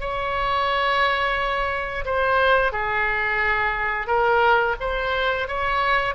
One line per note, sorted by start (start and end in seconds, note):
0.00 2.05 C#5
2.05 2.72 C5
2.72 4.07 G#4
4.07 4.75 A#4
4.80 5.48 C5
5.48 6.15 C#5